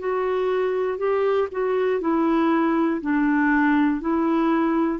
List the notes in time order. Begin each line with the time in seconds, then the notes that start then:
0.00 F#4
0.99 G4
1.52 F#4
2.01 E4
3.02 D4
4.01 E4